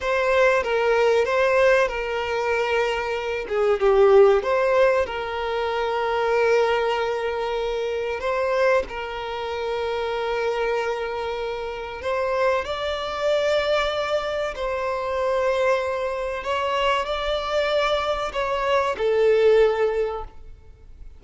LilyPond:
\new Staff \with { instrumentName = "violin" } { \time 4/4 \tempo 4 = 95 c''4 ais'4 c''4 ais'4~ | ais'4. gis'8 g'4 c''4 | ais'1~ | ais'4 c''4 ais'2~ |
ais'2. c''4 | d''2. c''4~ | c''2 cis''4 d''4~ | d''4 cis''4 a'2 | }